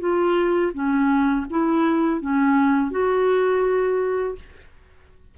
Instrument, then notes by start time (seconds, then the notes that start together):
clarinet
0.00 F4
0.74 C#4
1.50 E4
2.21 C#4
2.91 F#4